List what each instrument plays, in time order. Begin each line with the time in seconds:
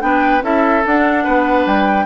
0.00 bassoon B3, clarinet D4, oboe B4, flute G5
0.42 bassoon C#4, clarinet E4, oboe A4, flute E5
0.86 bassoon D4, clarinet D4, flute F#5
1.24 bassoon B3, oboe B4
1.65 bassoon G3, flute G5